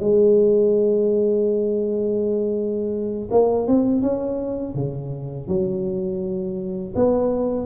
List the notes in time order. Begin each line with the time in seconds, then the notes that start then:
0.00 G#3
3.31 A#3
3.68 C4
4.02 C#4
4.75 C#3
5.48 F#3
6.96 B3